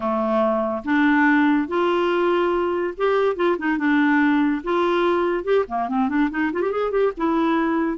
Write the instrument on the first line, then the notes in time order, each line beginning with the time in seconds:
clarinet
0.00 A3
0.84 D4
1.68 F4
2.97 G4
3.36 F4
3.58 D#4
3.78 D4
4.63 F4
5.43 G4
5.68 A#3
5.88 C4
6.08 D4
6.30 D#4
6.52 F4
6.61 G4
6.71 G#4
6.91 G4
7.17 E4